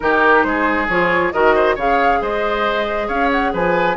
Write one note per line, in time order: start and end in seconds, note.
0.00 0.44 D#3
0.00 0.89 D#4
0.00 0.46 G4
0.00 0.42 A#4
0.42 0.88 G#3
0.42 1.33 G#4
0.42 0.86 C5
0.88 1.32 F3
0.88 1.33 F4
0.88 1.32 C#5
1.32 1.77 D#3
1.32 1.77 F#4
1.32 1.55 A#4
1.32 1.76 D#5
1.55 1.75 C5
1.75 2.21 C#3
1.75 3.96 G#4
1.75 2.19 C#5
1.75 2.22 F5
2.21 3.09 G#3
2.21 3.07 C5
2.21 3.08 D#5
3.07 3.53 C#4
3.07 3.51 C#5
3.07 3.31 F5
3.31 3.53 F#5
3.53 3.96 F3
3.53 3.96 B4
3.53 3.96 G#5